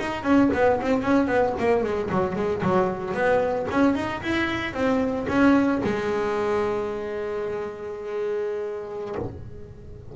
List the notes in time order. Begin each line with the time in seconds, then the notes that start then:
0.00 D#4
0.24 C#4
0.54 B3
0.81 C4
1.03 C#4
1.27 B3
1.59 A#3
1.84 G#3
2.11 F#3
2.36 G#3
2.63 F#3
3.14 B3
3.71 C#4
3.96 D#4
4.23 E4
4.74 C4
5.29 C#4
5.84 G#3